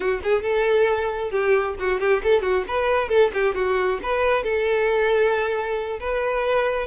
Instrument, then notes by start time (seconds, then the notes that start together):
violin
0.00 F#4
0.23 G#4
0.42 A4
1.30 G4
1.79 F#4
2.00 G4
2.23 A4
2.42 F#4
2.67 B4
3.08 A4
3.33 G4
3.54 F#4
4.02 B4
4.43 A4
6.00 B4